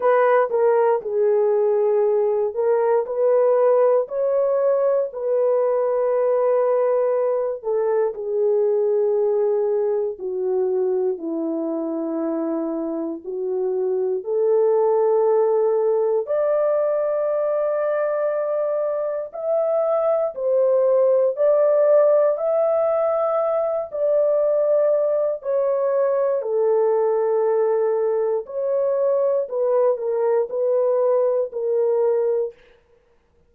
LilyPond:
\new Staff \with { instrumentName = "horn" } { \time 4/4 \tempo 4 = 59 b'8 ais'8 gis'4. ais'8 b'4 | cis''4 b'2~ b'8 a'8 | gis'2 fis'4 e'4~ | e'4 fis'4 a'2 |
d''2. e''4 | c''4 d''4 e''4. d''8~ | d''4 cis''4 a'2 | cis''4 b'8 ais'8 b'4 ais'4 | }